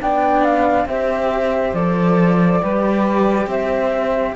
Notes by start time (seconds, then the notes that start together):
0.00 B3 D4 D5 G5
0.43 F5
0.85 C4 G4 C5 E5
1.73 F3 A4 D5
2.61 G3 G4 B4
3.46 C4 C5 E5